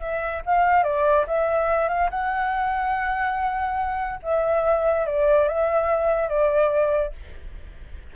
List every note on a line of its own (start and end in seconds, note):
0.00 0.42 E5
0.45 0.83 F5
0.83 1.25 D5
1.27 1.88 E5
1.88 2.09 F5
2.10 4.19 F#5
4.22 5.06 E5
5.06 5.48 D5
5.48 6.28 E5
6.28 7.12 D5